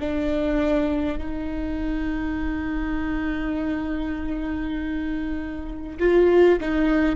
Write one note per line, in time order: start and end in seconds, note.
0.00 1.18 D4
1.18 5.98 D#4
5.99 6.59 F4
6.61 7.16 D#4